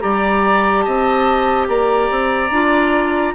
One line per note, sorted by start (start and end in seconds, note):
0.00 0.87 G3
0.00 2.50 G4
0.00 0.85 D5
0.00 0.82 A#5
0.82 1.68 C4
0.82 1.68 D#5
0.82 1.65 A5
1.68 2.10 A#3
1.68 3.35 D5
1.68 3.35 A#5
2.10 2.50 C4
2.50 3.34 D4
2.50 3.35 F4